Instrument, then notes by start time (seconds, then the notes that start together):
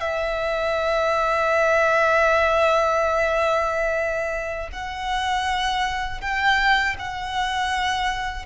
violin
0.00 E5
4.72 F#5
6.20 G5
6.99 F#5